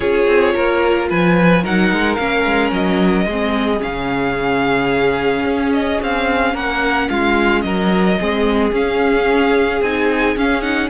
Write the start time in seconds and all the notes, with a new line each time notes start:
0.00 C#4 F4 G#4 C#5
0.26 C4
0.54 A#3 A#4
1.09 F3 B4 G#5
1.63 F#3 D#4 A#4 F#5
1.91 G#3
2.14 A#3 C#4 F5
2.44 G#3
2.71 F#3 D#5
3.25 G#3 C4 G#4
3.79 C#3 C#4 F5
5.45 C#4
5.73 D#5
6.02 C4 F5
6.53 A#3 A#4 F#5
7.09 G#3 F4 F5
7.61 F#3 A#4 D#5
8.19 G#3 C4 G#4
8.72 C#4 F5
9.81 C4 D#4 G#5
10.35 C#4 F5
10.61 D#4 F#5